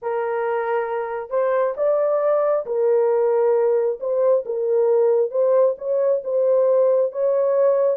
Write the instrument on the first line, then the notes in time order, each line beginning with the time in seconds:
horn
0.02 A#4
1.29 C5
1.76 D5
2.65 A#4
3.99 C5
4.45 A#4
5.31 C5
5.78 C#5
6.24 C5
7.12 C#5